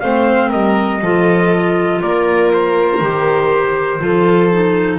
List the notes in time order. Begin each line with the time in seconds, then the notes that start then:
0.00 A3 C4 C5 F5
0.49 G3 A#4 D#5
1.02 F3 F4 A4
2.01 A#3 A#4 D5
2.53 C5
3.01 D#3 G4
4.00 F3 F4 A4
4.52 D#4